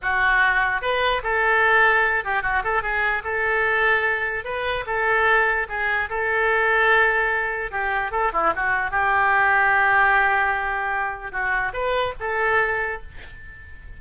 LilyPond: \new Staff \with { instrumentName = "oboe" } { \time 4/4 \tempo 4 = 148 fis'2 b'4 a'4~ | a'4. g'8 fis'8 a'8 gis'4 | a'2. b'4 | a'2 gis'4 a'4~ |
a'2. g'4 | a'8 e'8 fis'4 g'2~ | g'1 | fis'4 b'4 a'2 | }